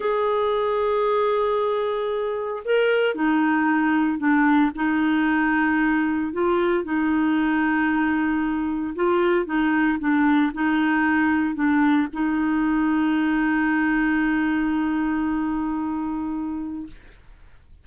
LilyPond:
\new Staff \with { instrumentName = "clarinet" } { \time 4/4 \tempo 4 = 114 gis'1~ | gis'4 ais'4 dis'2 | d'4 dis'2. | f'4 dis'2.~ |
dis'4 f'4 dis'4 d'4 | dis'2 d'4 dis'4~ | dis'1~ | dis'1 | }